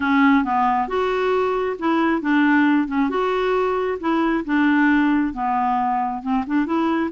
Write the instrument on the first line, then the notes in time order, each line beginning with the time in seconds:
clarinet
0.00 C#4
0.44 B3
0.88 F#4
1.78 E4
2.21 D4
2.87 C#4
3.09 F#4
4.00 E4
4.45 D4
5.33 B3
6.22 C4
6.46 D4
6.66 E4